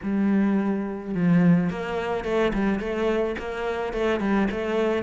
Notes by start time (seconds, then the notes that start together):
0.03 G3
1.14 F3
1.69 A#3
2.24 A3
2.53 G3
2.79 A3
3.38 A#3
3.93 A3
4.20 G3
4.51 A3